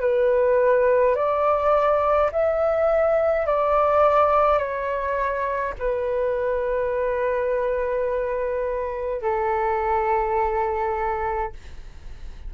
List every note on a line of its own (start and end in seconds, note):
0.00 1.15 B4
1.15 2.31 D5
2.32 3.46 E5
3.46 4.58 D5
4.58 5.74 C#5
5.80 9.22 B4
9.22 11.53 A4